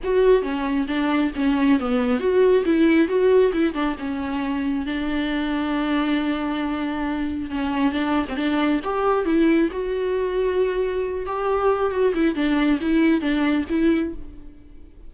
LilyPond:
\new Staff \with { instrumentName = "viola" } { \time 4/4 \tempo 4 = 136 fis'4 cis'4 d'4 cis'4 | b4 fis'4 e'4 fis'4 | e'8 d'8 cis'2 d'4~ | d'1~ |
d'4 cis'4 d'8. c'16 d'4 | g'4 e'4 fis'2~ | fis'4. g'4. fis'8 e'8 | d'4 e'4 d'4 e'4 | }